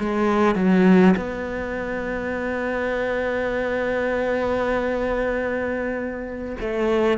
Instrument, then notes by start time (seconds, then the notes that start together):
cello
0.00 G#3
0.56 F#3
1.17 B3
6.61 A3